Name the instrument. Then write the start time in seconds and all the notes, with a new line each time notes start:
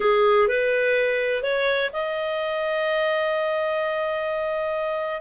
clarinet
0.00 G#4
0.48 B4
1.43 C#5
1.92 D#5